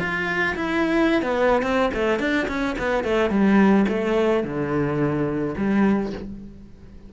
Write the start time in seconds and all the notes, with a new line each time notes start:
0.00 F4
0.56 E4
1.22 B3
1.63 C4
1.94 A3
2.20 D4
2.48 C#4
2.79 B3
3.04 A3
3.31 G3
3.89 A3
4.44 D3
5.58 G3